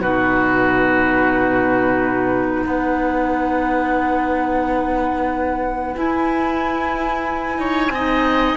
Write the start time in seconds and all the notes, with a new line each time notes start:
0.00 B2 D#4 F#4 B4
2.65 B3 B4 F#5
5.96 E4 G#5
7.59 D#4 C#5
7.89 C4 D#4 D#5